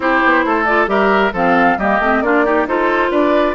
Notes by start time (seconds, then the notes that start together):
0.00 C4 E4 G4 C5
0.24 B3
0.44 A3 A4
0.64 F4 D5
0.87 G3 G4 A#4 E5
1.32 F3 C4 A4 F5
1.77 G3 A#3 G4 D#5
1.99 A3 C4
2.21 A#3 D4 F4 D5
2.44 D#4 G4
2.65 D#4 F4 A4 C5
3.10 D4 B4 D5